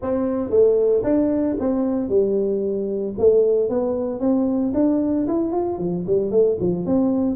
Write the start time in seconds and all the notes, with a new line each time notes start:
0.02 C4
0.50 A3
1.03 D4
1.59 C4
2.08 G3
3.18 A3
3.69 B3
4.20 C4
4.74 D4
5.27 E4
5.51 F4
5.78 F3
6.06 G3
6.31 A3
6.59 F3
6.86 C4